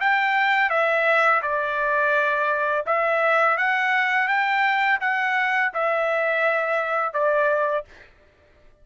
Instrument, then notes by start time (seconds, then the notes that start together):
trumpet
0.00 G5
0.69 E5
1.42 D5
2.86 E5
3.57 F#5
4.27 G5
5.00 F#5
5.73 E5
7.13 D5